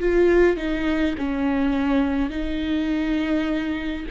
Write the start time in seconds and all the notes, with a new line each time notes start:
0.00 F4
0.57 D#4
1.18 C#4
2.30 D#4